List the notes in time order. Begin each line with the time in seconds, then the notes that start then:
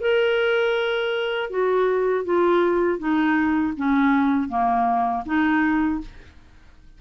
0.00 A#4
1.50 F#4
2.24 F4
2.98 D#4
3.76 C#4
4.48 A#3
5.25 D#4